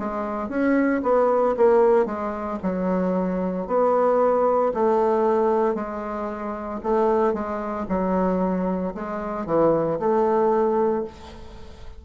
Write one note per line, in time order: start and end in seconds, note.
0.00 0.49 G#3
0.49 1.02 C#4
1.03 1.56 B3
1.57 2.06 A#3
2.06 2.59 G#3
2.64 3.67 F#3
3.67 4.73 B3
4.75 5.75 A3
5.75 6.80 G#3
6.84 7.34 A3
7.34 7.87 G#3
7.89 8.95 F#3
8.95 9.46 G#3
9.46 9.99 E3
10.00 11.05 A3